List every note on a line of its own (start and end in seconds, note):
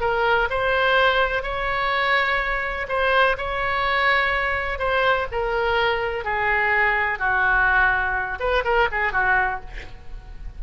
0.00 0.48 A#4
0.50 1.42 C5
1.42 2.86 C#5
2.88 3.36 C5
3.37 4.78 C#5
4.78 5.26 C5
5.31 6.24 A#4
6.24 7.19 G#4
7.19 8.39 F#4
8.39 8.63 B4
8.64 8.88 A#4
8.91 9.12 G#4
9.12 9.60 F#4